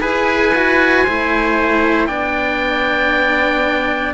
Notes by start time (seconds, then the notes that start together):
0.00 E4 G#4 B4 G#5
0.55 F#4
1.03 A3 E4 C5
2.06 B3 D4 D5 G5